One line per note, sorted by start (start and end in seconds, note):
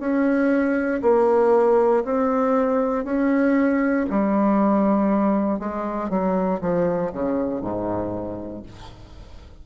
0.00 1.02 C#4
1.02 2.04 A#3
2.05 3.05 C4
3.05 4.06 C#4
4.10 5.60 G3
5.60 6.10 G#3
6.10 6.61 F#3
6.61 7.12 F3
7.12 7.61 C#3
7.61 8.63 G#2